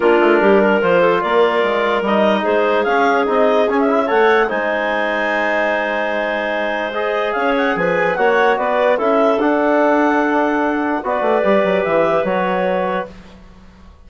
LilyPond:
<<
  \new Staff \with { instrumentName = "clarinet" } { \time 4/4 \tempo 4 = 147 ais'2 c''4 d''4~ | d''4 dis''4 c''4 f''4 | dis''4 gis''16 e''8. fis''4 gis''4~ | gis''1~ |
gis''4 dis''4 f''8 fis''8 gis''4 | fis''4 d''4 e''4 fis''4~ | fis''2. d''4~ | d''4 e''4 cis''2 | }
  \new Staff \with { instrumentName = "clarinet" } { \time 4/4 f'4 g'8 ais'4 a'8 ais'4~ | ais'2 gis'2~ | gis'2 cis''4 c''4~ | c''1~ |
c''2 cis''4 b'4 | cis''4 b'4 a'2~ | a'2. b'4~ | b'1 | }
  \new Staff \with { instrumentName = "trombone" } { \time 4/4 d'2 f'2~ | f'4 dis'2 cis'4 | dis'4 cis'8 e'8 a'4 dis'4~ | dis'1~ |
dis'4 gis'2. | fis'2 e'4 d'4~ | d'2. fis'4 | g'2 fis'2 | }
  \new Staff \with { instrumentName = "bassoon" } { \time 4/4 ais8 a8 g4 f4 ais4 | gis4 g4 gis4 cis'4 | c'4 cis'4 a4 gis4~ | gis1~ |
gis2 cis'4 f4 | ais4 b4 cis'4 d'4~ | d'2. b8 a8 | g8 fis8 e4 fis2 | }
>>